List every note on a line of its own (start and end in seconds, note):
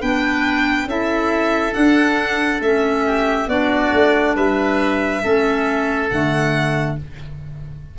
0.00 0.85 B3
0.00 0.87 D4
0.00 0.87 B4
0.00 0.88 G5
0.85 1.72 C#4
0.85 1.71 E4
0.85 3.05 A4
0.85 1.73 E5
1.71 2.58 D4
1.71 2.60 D4
1.71 2.60 F#5
2.60 3.47 A3
2.60 3.48 C#4
2.60 3.48 E5
3.05 3.48 G4
3.47 3.90 B3
3.47 5.22 D4
3.47 4.35 F#4
3.47 4.35 D5
3.92 4.35 A3
4.35 5.22 G3
4.35 5.22 B4
4.35 6.09 E5
5.22 6.11 A3
5.22 6.09 C#4
5.22 6.97 A4
6.09 6.98 D3
6.09 6.97 A3
6.09 6.96 F#5